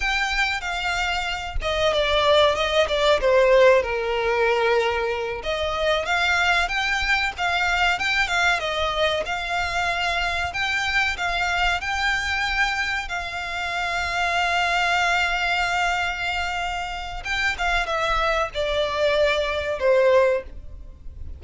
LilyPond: \new Staff \with { instrumentName = "violin" } { \time 4/4 \tempo 4 = 94 g''4 f''4. dis''8 d''4 | dis''8 d''8 c''4 ais'2~ | ais'8 dis''4 f''4 g''4 f''8~ | f''8 g''8 f''8 dis''4 f''4.~ |
f''8 g''4 f''4 g''4.~ | g''8 f''2.~ f''8~ | f''2. g''8 f''8 | e''4 d''2 c''4 | }